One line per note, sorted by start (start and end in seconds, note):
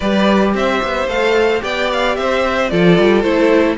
0.00 0.54 G3
0.00 1.08 G4
0.00 0.54 B4
0.00 0.53 D5
0.54 0.81 C4
0.54 1.63 C5
0.54 1.08 E5
0.82 1.07 B3
1.07 1.61 A3
1.07 1.60 A4
1.07 1.62 F5
1.60 2.17 B3
1.60 2.68 G4
1.60 2.17 D5
1.60 1.91 G5
1.92 2.15 F5
2.15 2.71 C4
2.15 2.71 C5
2.15 2.69 E5
2.69 2.98 F3
2.69 3.23 F4
2.69 3.77 A4
2.69 3.22 D5
2.98 3.23 G3
3.22 3.77 A3
3.22 3.77 E4
3.22 3.76 C5